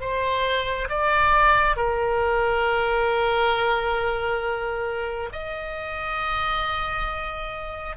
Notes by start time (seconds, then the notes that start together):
0.00 C5
0.89 D5
1.76 A#4
5.32 D#5